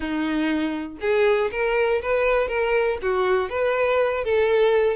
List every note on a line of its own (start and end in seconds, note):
0.00 0.97 D#4
1.00 1.50 G#4
1.51 2.01 A#4
2.01 2.48 B4
2.48 2.98 A#4
3.02 3.49 F#4
3.49 4.24 B4
4.24 4.96 A4